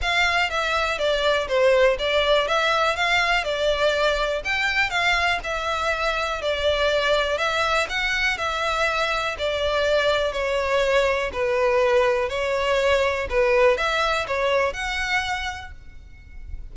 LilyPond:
\new Staff \with { instrumentName = "violin" } { \time 4/4 \tempo 4 = 122 f''4 e''4 d''4 c''4 | d''4 e''4 f''4 d''4~ | d''4 g''4 f''4 e''4~ | e''4 d''2 e''4 |
fis''4 e''2 d''4~ | d''4 cis''2 b'4~ | b'4 cis''2 b'4 | e''4 cis''4 fis''2 | }